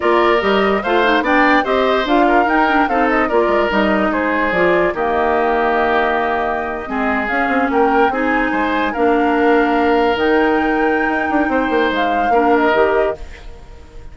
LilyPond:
<<
  \new Staff \with { instrumentName = "flute" } { \time 4/4 \tempo 4 = 146 d''4 dis''4 f''4 g''4 | dis''4 f''4 g''4 f''8 dis''8 | d''4 dis''4 c''4 d''4 | dis''1~ |
dis''4.~ dis''16 f''4 g''4 gis''16~ | gis''4.~ gis''16 f''2~ f''16~ | f''8. g''2.~ g''16~ | g''4 f''4. dis''4. | }
  \new Staff \with { instrumentName = "oboe" } { \time 4/4 ais'2 c''4 d''4 | c''4. ais'4. a'4 | ais'2 gis'2 | g'1~ |
g'8. gis'2 ais'4 gis'16~ | gis'8. c''4 ais'2~ ais'16~ | ais'1 | c''2 ais'2 | }
  \new Staff \with { instrumentName = "clarinet" } { \time 4/4 f'4 g'4 f'8 dis'8 d'4 | g'4 f'4 dis'8 d'8 dis'4 | f'4 dis'2 f'4 | ais1~ |
ais8. c'4 cis'2 dis'16~ | dis'4.~ dis'16 d'2~ d'16~ | d'8. dis'2.~ dis'16~ | dis'2 d'4 g'4 | }
  \new Staff \with { instrumentName = "bassoon" } { \time 4/4 ais4 g4 a4 b4 | c'4 d'4 dis'4 c'4 | ais8 gis8 g4 gis4 f4 | dis1~ |
dis8. gis4 cis'8 c'8 ais4 c'16~ | c'8. gis4 ais2~ ais16~ | ais8. dis2~ dis16 dis'8 d'8 | c'8 ais8 gis4 ais4 dis4 | }
>>